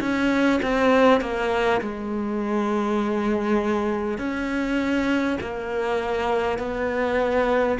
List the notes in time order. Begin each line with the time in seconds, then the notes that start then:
0.00 C#4
0.62 C4
1.20 A#3
1.81 G#3
4.18 C#4
5.40 A#3
6.58 B3